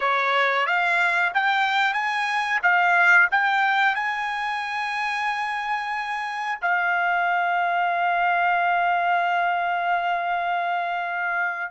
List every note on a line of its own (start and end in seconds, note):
0.00 0.66 C#5
0.66 1.32 F5
1.34 1.93 G5
1.93 2.59 G#5
2.62 3.28 F5
3.31 3.95 G5
3.95 6.58 G#5
6.61 11.71 F5